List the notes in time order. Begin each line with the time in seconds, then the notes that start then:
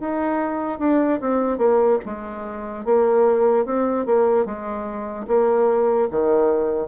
0.00 D#4
0.80 D4
1.21 C4
1.58 A#3
2.06 G#3
2.86 A#3
3.66 C4
4.06 A#3
4.46 G#3
5.28 A#3
6.11 D#3